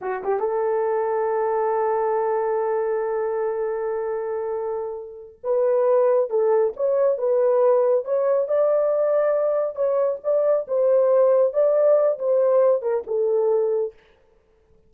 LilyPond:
\new Staff \with { instrumentName = "horn" } { \time 4/4 \tempo 4 = 138 fis'8 g'8 a'2.~ | a'1~ | a'1~ | a'8 b'2 a'4 cis''8~ |
cis''8 b'2 cis''4 d''8~ | d''2~ d''8 cis''4 d''8~ | d''8 c''2 d''4. | c''4. ais'8 a'2 | }